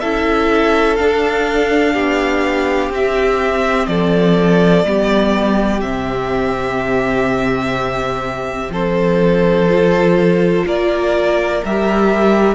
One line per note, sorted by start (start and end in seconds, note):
0.00 1.00 C#4
0.00 0.99 E4
0.00 1.94 A4
0.00 0.97 E5
0.97 2.91 D4
0.97 1.95 D4
0.97 2.90 F5
1.94 2.90 B3
1.94 3.87 G4
2.90 3.87 C4
2.90 4.85 C4
2.90 3.87 E5
3.87 4.85 F3
3.87 4.87 A4
3.87 5.81 D5
4.85 5.82 G3
4.85 5.82 B3
4.85 8.72 G4
5.81 8.69 C3
5.81 9.69 C4
5.81 8.72 E5
8.69 10.63 F3
8.69 10.66 A4
8.69 10.68 C5
9.69 11.63 F4
10.66 11.63 A#3
10.66 12.55 A#4
10.66 11.65 D5
11.65 12.55 G3
11.65 12.55 G4
11.65 12.55 E5